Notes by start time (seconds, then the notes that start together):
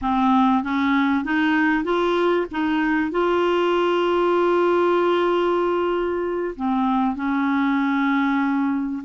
0.01 C4
0.62 C#4
1.24 D#4
1.84 F4
2.51 D#4
3.11 F4
6.56 C4
7.15 C#4